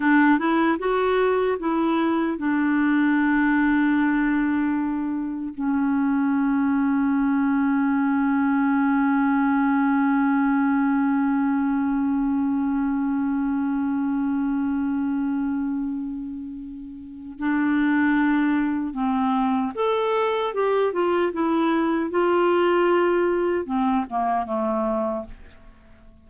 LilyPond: \new Staff \with { instrumentName = "clarinet" } { \time 4/4 \tempo 4 = 76 d'8 e'8 fis'4 e'4 d'4~ | d'2. cis'4~ | cis'1~ | cis'1~ |
cis'1~ | cis'2 d'2 | c'4 a'4 g'8 f'8 e'4 | f'2 c'8 ais8 a4 | }